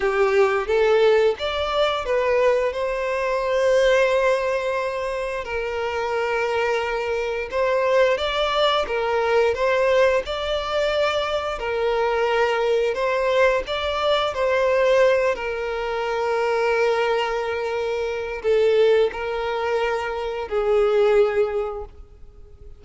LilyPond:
\new Staff \with { instrumentName = "violin" } { \time 4/4 \tempo 4 = 88 g'4 a'4 d''4 b'4 | c''1 | ais'2. c''4 | d''4 ais'4 c''4 d''4~ |
d''4 ais'2 c''4 | d''4 c''4. ais'4.~ | ais'2. a'4 | ais'2 gis'2 | }